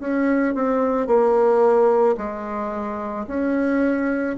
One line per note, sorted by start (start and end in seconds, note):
0.00 0.55 C#4
0.55 1.07 C4
1.07 2.16 A#3
2.17 3.26 G#3
3.27 4.36 C#4